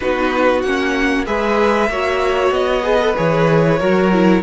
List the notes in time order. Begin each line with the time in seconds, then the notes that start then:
0.00 B3 D#4 F#4 B4
0.62 A#3 C#4 F#5
1.26 G#3 G#4 B4 E5
1.89 A#3 F#4 C#5
2.51 B3 D#5
2.83 G#4 B4
3.00 A4
3.15 E3 G#4 C#5
3.79 F#3 F#4 A#4
4.12 E4